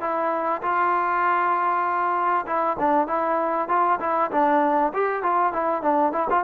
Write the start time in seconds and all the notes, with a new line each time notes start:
0.00 E4
0.62 F4
2.46 E4
2.79 D4
3.07 E4
3.68 F4
4.00 E4
4.31 D4
4.93 G4
5.22 F4
5.53 E4
5.82 D4
6.12 E4
6.30 F4